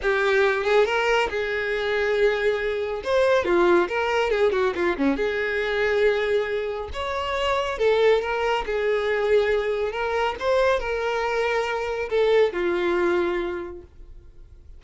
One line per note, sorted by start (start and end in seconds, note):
0.02 0.64 G4
0.64 0.85 G#4
0.85 1.28 A#4
1.29 3.02 G#4
3.04 3.44 C5
3.44 3.87 F4
3.88 4.30 A#4
4.30 4.52 G#4
4.52 4.73 F#4
4.75 4.96 F4
4.97 5.16 C#4
5.16 6.89 G#4
6.93 7.78 C#5
7.78 8.21 A4
8.21 8.64 A#4
8.65 9.92 G#4
9.92 10.35 A#4
10.39 10.79 C5
10.79 12.09 A#4
12.09 12.52 A4
12.52 13.82 F4